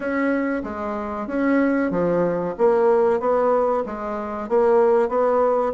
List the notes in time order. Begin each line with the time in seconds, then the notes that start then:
0.00 C#4
0.63 G#3
1.27 C#4
1.90 F3
2.58 A#3
3.19 B3
3.86 G#3
4.48 A#3
5.08 B3